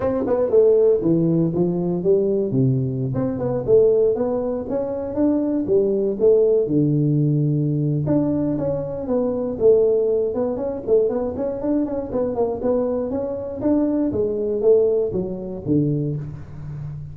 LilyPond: \new Staff \with { instrumentName = "tuba" } { \time 4/4 \tempo 4 = 119 c'8 b8 a4 e4 f4 | g4 c4~ c16 c'8 b8 a8.~ | a16 b4 cis'4 d'4 g8.~ | g16 a4 d2~ d8. |
d'4 cis'4 b4 a4~ | a8 b8 cis'8 a8 b8 cis'8 d'8 cis'8 | b8 ais8 b4 cis'4 d'4 | gis4 a4 fis4 d4 | }